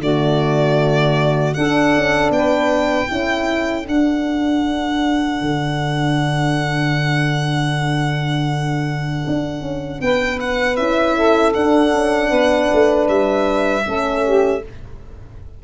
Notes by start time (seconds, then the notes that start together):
0.00 D3 A3 F#4 D5
1.54 D4 A4 F#5
1.97 C#4
2.30 B3 B4 G5
3.09 C#4 E4 A4
3.84 D4 F#5
5.41 D3
9.27 D4
9.62 C#4
10.01 B3 B4 G5
10.41 F#5
10.77 C#4 E4 E5
11.17 A4
11.54 D4 F#5
11.94 C#4
12.29 B3 B4
12.73 A3
13.09 G3 E5
13.86 A3 C#4 A4
14.25 G4